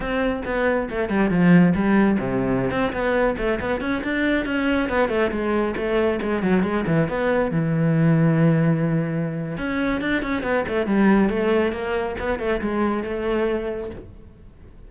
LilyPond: \new Staff \with { instrumentName = "cello" } { \time 4/4 \tempo 4 = 138 c'4 b4 a8 g8 f4 | g4 c4~ c16 c'8 b4 a16~ | a16 b8 cis'8 d'4 cis'4 b8 a16~ | a16 gis4 a4 gis8 fis8 gis8 e16~ |
e16 b4 e2~ e8.~ | e2 cis'4 d'8 cis'8 | b8 a8 g4 a4 ais4 | b8 a8 gis4 a2 | }